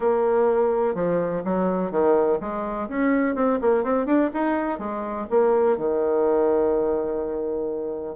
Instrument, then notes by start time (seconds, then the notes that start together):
bassoon
0.00 A#3
0.94 F3
1.44 F#3
1.91 D#3
2.40 G#3
2.88 C#4
3.35 C4
3.61 A#3
3.83 C4
4.06 D4
4.33 D#4
4.78 G#3
5.30 A#3
5.77 D#3